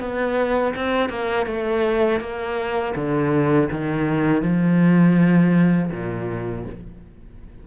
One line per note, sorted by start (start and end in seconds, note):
0.00 0.74 B3
0.75 1.09 C4
1.09 1.46 A#3
1.46 2.21 A3
2.21 2.95 A#3
2.96 3.70 D3
3.71 4.42 D#3
4.42 5.91 F3
5.92 6.66 A#2